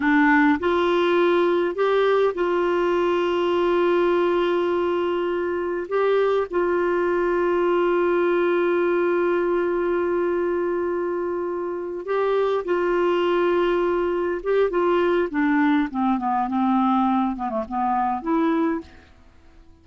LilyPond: \new Staff \with { instrumentName = "clarinet" } { \time 4/4 \tempo 4 = 102 d'4 f'2 g'4 | f'1~ | f'2 g'4 f'4~ | f'1~ |
f'1~ | f'8 g'4 f'2~ f'8~ | f'8 g'8 f'4 d'4 c'8 b8 | c'4. b16 a16 b4 e'4 | }